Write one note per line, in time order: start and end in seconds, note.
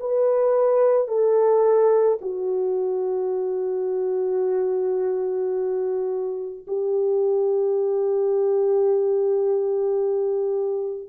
0.00 1.07 B4
1.07 2.18 A4
2.21 6.65 F#4
6.67 11.09 G4